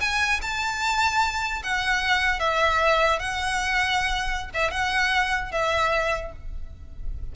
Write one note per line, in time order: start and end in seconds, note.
0.00 0.40 G#5
0.42 1.62 A5
1.63 2.39 F#5
2.39 3.19 E5
3.19 4.50 F#5
4.54 4.71 E5
4.71 5.51 F#5
5.51 6.32 E5